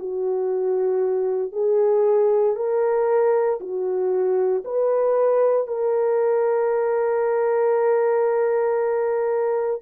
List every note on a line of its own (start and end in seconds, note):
0.00 1.53 F#4
1.53 2.56 G#4
2.56 3.60 A#4
3.61 4.64 F#4
4.65 5.68 B4
5.68 9.82 A#4